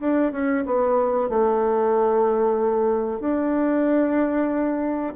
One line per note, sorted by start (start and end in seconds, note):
0.00 0.32 D4
0.32 0.65 C#4
0.66 1.29 B3
1.29 3.20 A3
3.20 5.13 D4